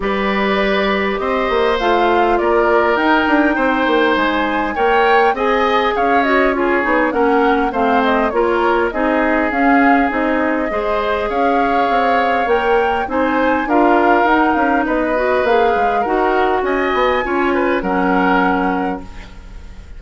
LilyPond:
<<
  \new Staff \with { instrumentName = "flute" } { \time 4/4 \tempo 4 = 101 d''2 dis''4 f''4 | d''4 g''2 gis''4 | g''4 gis''4 f''8 dis''8 cis''4 | fis''4 f''8 dis''8 cis''4 dis''4 |
f''4 dis''2 f''4~ | f''4 g''4 gis''4 f''4 | fis''8 f''8 dis''4 f''4 fis''4 | gis''2 fis''2 | }
  \new Staff \with { instrumentName = "oboe" } { \time 4/4 b'2 c''2 | ais'2 c''2 | cis''4 dis''4 cis''4 gis'4 | ais'4 c''4 ais'4 gis'4~ |
gis'2 c''4 cis''4~ | cis''2 c''4 ais'4~ | ais'4 b'2 ais'4 | dis''4 cis''8 b'8 ais'2 | }
  \new Staff \with { instrumentName = "clarinet" } { \time 4/4 g'2. f'4~ | f'4 dis'2. | ais'4 gis'4. fis'8 f'8 dis'8 | cis'4 c'4 f'4 dis'4 |
cis'4 dis'4 gis'2~ | gis'4 ais'4 dis'4 f'4 | dis'4. fis'8 gis'4 fis'4~ | fis'4 f'4 cis'2 | }
  \new Staff \with { instrumentName = "bassoon" } { \time 4/4 g2 c'8 ais8 a4 | ais4 dis'8 d'8 c'8 ais8 gis4 | ais4 c'4 cis'4. b8 | ais4 a4 ais4 c'4 |
cis'4 c'4 gis4 cis'4 | c'4 ais4 c'4 d'4 | dis'8 cis'8 b4 ais8 gis8 dis'4 | cis'8 b8 cis'4 fis2 | }
>>